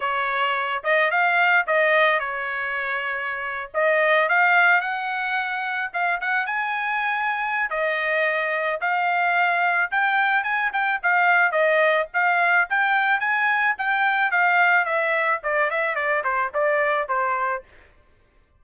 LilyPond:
\new Staff \with { instrumentName = "trumpet" } { \time 4/4 \tempo 4 = 109 cis''4. dis''8 f''4 dis''4 | cis''2~ cis''8. dis''4 f''16~ | f''8. fis''2 f''8 fis''8 gis''16~ | gis''2 dis''2 |
f''2 g''4 gis''8 g''8 | f''4 dis''4 f''4 g''4 | gis''4 g''4 f''4 e''4 | d''8 e''8 d''8 c''8 d''4 c''4 | }